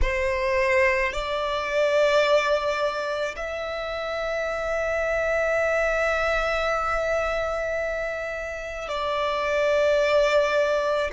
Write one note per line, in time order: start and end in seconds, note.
0.01 1.12 C5
1.13 3.35 D5
3.36 8.88 E5
8.88 11.10 D5